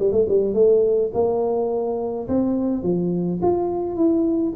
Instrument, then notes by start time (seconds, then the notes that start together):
tuba
0.00 G3
0.12 A3
0.29 G3
0.55 A3
1.14 A#3
2.29 C4
2.83 F3
3.42 F4
3.96 E4